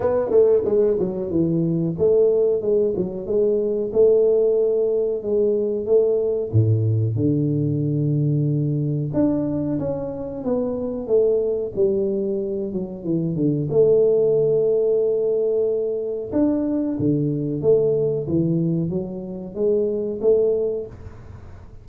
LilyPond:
\new Staff \with { instrumentName = "tuba" } { \time 4/4 \tempo 4 = 92 b8 a8 gis8 fis8 e4 a4 | gis8 fis8 gis4 a2 | gis4 a4 a,4 d4~ | d2 d'4 cis'4 |
b4 a4 g4. fis8 | e8 d8 a2.~ | a4 d'4 d4 a4 | e4 fis4 gis4 a4 | }